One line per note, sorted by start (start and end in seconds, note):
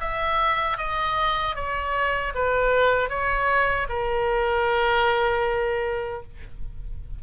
0.00 0.77 E5
0.77 1.55 D#5
1.55 2.33 C#5
2.34 3.09 B4
3.09 3.87 C#5
3.89 6.22 A#4